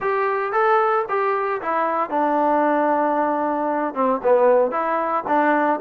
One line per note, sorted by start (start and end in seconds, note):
0.00 0.52 G4
0.52 1.05 A4
1.08 1.61 G4
1.61 2.10 E4
2.10 3.94 D4
3.94 4.20 C4
4.23 4.71 B3
4.71 5.24 E4
5.27 5.80 D4